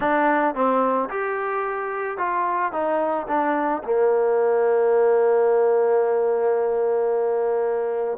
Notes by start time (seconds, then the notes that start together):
0.00 D4
0.55 C4
1.09 G4
2.17 F4
2.72 D#4
3.28 D4
3.83 A#3